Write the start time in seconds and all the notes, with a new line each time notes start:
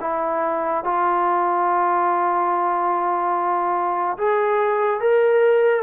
0.00 E4
0.83 F4
4.17 G#4
5.00 A#4